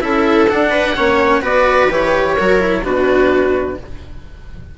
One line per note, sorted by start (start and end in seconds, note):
0.00 0.48 C#4
0.00 0.47 E4
0.00 0.70 A4
0.00 0.48 E5
0.49 0.96 D4
0.49 0.97 D4
0.49 1.43 F#5
0.70 0.94 B4
0.96 1.41 A#3
0.96 1.42 C#4
0.96 1.41 C#5
1.41 1.88 B3
1.41 1.88 F#4
1.41 2.35 B4
1.41 1.91 D5
1.90 2.37 E3
1.90 2.37 G4
1.90 2.84 C#5
2.35 2.84 F#3
2.35 2.59 F#4
2.35 2.82 A#4
2.59 2.83 E4
2.83 3.78 B2
2.83 3.77 D4
2.83 3.78 F#4
2.83 3.78 B4